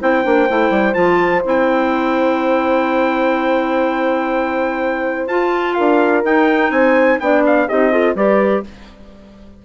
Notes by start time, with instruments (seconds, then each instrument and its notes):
0.00 bassoon C4, clarinet E4, horn C5, trumpet G5
0.23 bassoon A#3, clarinet D4
0.49 bassoon A3, clarinet E4
0.70 bassoon G3
0.93 bassoon F3, clarinet F4, trumpet A5
1.44 bassoon C4, clarinet E4, trumpet G5
5.26 bassoon F4, clarinet F4, trumpet A5
5.74 bassoon D4, horn A#4, trumpet F5
6.23 bassoon D#4, clarinet D#4, trumpet G5
6.70 bassoon C4, horn C5, trumpet G#5
7.19 bassoon B3, clarinet D4, horn D5, trumpet G5
7.46 trumpet F5
7.68 bassoon C4, clarinet D#4, horn G4, trumpet D#5
7.91 clarinet F4, horn A4
8.14 bassoon G3, clarinet G4, horn B4, trumpet D5